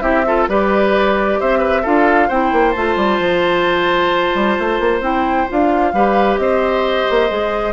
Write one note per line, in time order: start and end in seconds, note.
0.00 0.47 C4
0.00 0.23 E4
0.00 0.25 G4
0.00 0.45 E5
0.26 0.48 F4
0.26 0.49 A4
0.48 1.39 G3
0.48 1.84 G4
0.48 1.39 B4
0.48 1.40 D5
1.40 1.85 C4
1.40 1.58 C5
1.40 1.85 E5
1.58 1.81 B4
1.82 2.30 D4
1.82 2.29 F4
1.82 2.27 A4
1.82 2.29 F5
2.28 2.52 C4
2.28 2.76 E4
2.28 5.91 C5
2.28 2.71 G5
2.52 2.75 A#3
2.71 2.96 A3
2.71 5.01 F4
2.71 4.99 A5
2.96 3.19 G3
3.19 4.32 F3
4.34 4.57 G3
4.58 4.80 A3
4.80 5.00 A#3
5.00 5.46 C4
5.00 5.47 E4
5.00 5.48 G5
5.48 5.93 D4
5.48 5.93 F4
5.48 6.37 F5
5.93 6.38 G3
5.93 7.29 G4
5.93 6.40 B4
6.37 7.06 C4
6.37 7.72 C5
6.37 7.72 D#5
7.10 7.30 A#3
7.29 7.72 G#3
7.29 7.72 G#4